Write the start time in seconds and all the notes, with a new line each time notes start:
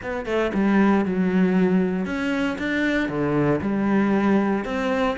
0.02 B3
0.25 A3
0.54 G3
1.05 F#3
2.05 C#4
2.58 D4
3.08 D3
3.61 G3
4.65 C4